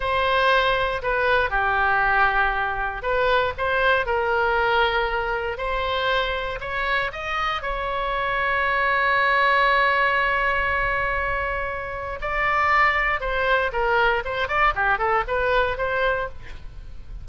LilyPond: \new Staff \with { instrumentName = "oboe" } { \time 4/4 \tempo 4 = 118 c''2 b'4 g'4~ | g'2 b'4 c''4 | ais'2. c''4~ | c''4 cis''4 dis''4 cis''4~ |
cis''1~ | cis''1 | d''2 c''4 ais'4 | c''8 d''8 g'8 a'8 b'4 c''4 | }